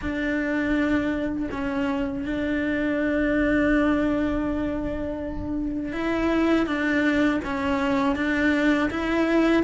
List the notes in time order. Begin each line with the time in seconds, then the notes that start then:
0.01 D4
1.51 C#4
2.25 D4
5.92 E4
6.66 D4
7.44 C#4
8.15 D4
8.90 E4